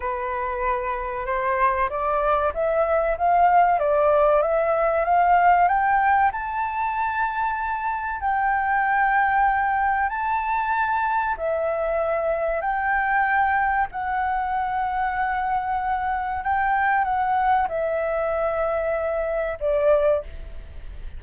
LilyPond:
\new Staff \with { instrumentName = "flute" } { \time 4/4 \tempo 4 = 95 b'2 c''4 d''4 | e''4 f''4 d''4 e''4 | f''4 g''4 a''2~ | a''4 g''2. |
a''2 e''2 | g''2 fis''2~ | fis''2 g''4 fis''4 | e''2. d''4 | }